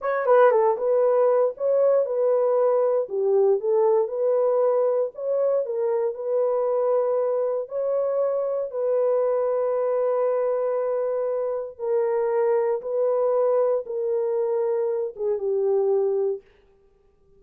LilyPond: \new Staff \with { instrumentName = "horn" } { \time 4/4 \tempo 4 = 117 cis''8 b'8 a'8 b'4. cis''4 | b'2 g'4 a'4 | b'2 cis''4 ais'4 | b'2. cis''4~ |
cis''4 b'2.~ | b'2. ais'4~ | ais'4 b'2 ais'4~ | ais'4. gis'8 g'2 | }